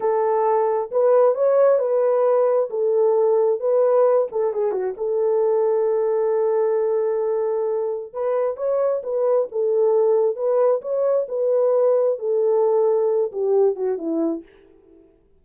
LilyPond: \new Staff \with { instrumentName = "horn" } { \time 4/4 \tempo 4 = 133 a'2 b'4 cis''4 | b'2 a'2 | b'4. a'8 gis'8 fis'8 a'4~ | a'1~ |
a'2 b'4 cis''4 | b'4 a'2 b'4 | cis''4 b'2 a'4~ | a'4. g'4 fis'8 e'4 | }